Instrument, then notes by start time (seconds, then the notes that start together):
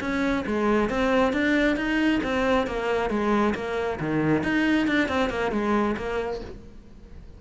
cello
0.00 C#4
0.46 G#3
0.89 C4
1.33 D4
1.76 D#4
2.23 C4
2.66 A#3
3.10 G#3
3.55 A#3
3.99 D#3
4.43 D#4
4.87 D4
5.08 C4
5.29 A#3
5.51 G#3
5.97 A#3